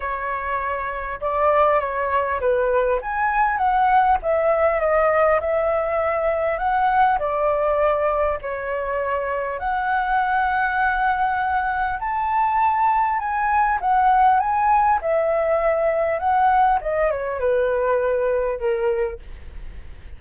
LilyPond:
\new Staff \with { instrumentName = "flute" } { \time 4/4 \tempo 4 = 100 cis''2 d''4 cis''4 | b'4 gis''4 fis''4 e''4 | dis''4 e''2 fis''4 | d''2 cis''2 |
fis''1 | a''2 gis''4 fis''4 | gis''4 e''2 fis''4 | dis''8 cis''8 b'2 ais'4 | }